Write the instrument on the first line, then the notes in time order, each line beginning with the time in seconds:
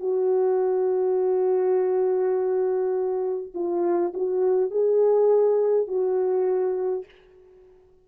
horn
0.00 F#4
3.55 F4
4.14 F#4
4.71 G#4
5.88 F#4